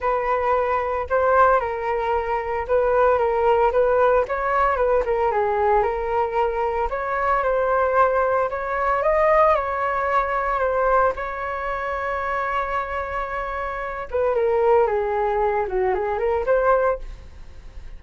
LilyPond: \new Staff \with { instrumentName = "flute" } { \time 4/4 \tempo 4 = 113 b'2 c''4 ais'4~ | ais'4 b'4 ais'4 b'4 | cis''4 b'8 ais'8 gis'4 ais'4~ | ais'4 cis''4 c''2 |
cis''4 dis''4 cis''2 | c''4 cis''2.~ | cis''2~ cis''8 b'8 ais'4 | gis'4. fis'8 gis'8 ais'8 c''4 | }